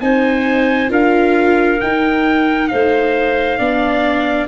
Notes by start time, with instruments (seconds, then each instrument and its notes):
0.00 tuba C4, viola D#4, clarinet C5, trumpet G#5
0.88 tuba D4, viola F4, clarinet A#4, trumpet F5
1.80 tuba D#4, viola D#4, trumpet G5
2.68 tuba A3, clarinet C5, trumpet F5
3.57 tuba B3, viola D4, clarinet D5